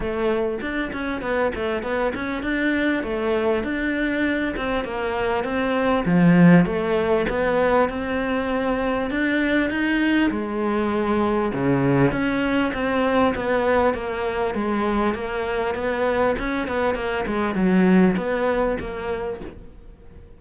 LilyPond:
\new Staff \with { instrumentName = "cello" } { \time 4/4 \tempo 4 = 99 a4 d'8 cis'8 b8 a8 b8 cis'8 | d'4 a4 d'4. c'8 | ais4 c'4 f4 a4 | b4 c'2 d'4 |
dis'4 gis2 cis4 | cis'4 c'4 b4 ais4 | gis4 ais4 b4 cis'8 b8 | ais8 gis8 fis4 b4 ais4 | }